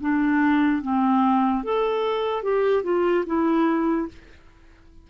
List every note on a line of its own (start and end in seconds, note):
0.00 0.82 D4
0.82 1.64 C4
1.64 2.43 A4
2.43 2.83 G4
2.83 3.24 F4
3.26 4.08 E4